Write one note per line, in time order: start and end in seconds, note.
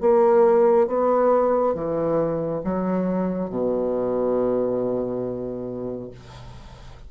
0.00 0.87 A#3
0.87 1.74 B3
1.74 2.61 E3
2.64 3.49 F#3
3.49 6.10 B2